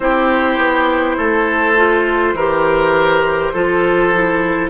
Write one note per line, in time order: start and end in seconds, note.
0.00 0.57 C4
0.00 1.76 E4
0.00 1.16 G4
0.00 4.68 C5
0.57 1.16 B3
1.16 2.33 A3
1.16 2.34 A4
1.76 2.35 F4
2.33 3.50 E3
2.33 3.54 G4
2.33 3.53 A#4
3.53 4.70 F3
3.53 4.13 F4
3.53 4.70 A4
4.14 4.70 E4